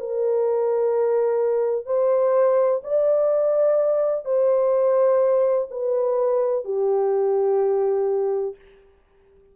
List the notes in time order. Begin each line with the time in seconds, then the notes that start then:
0.00 A#4
1.86 C5
2.84 D5
4.25 C5
5.71 B4
6.65 G4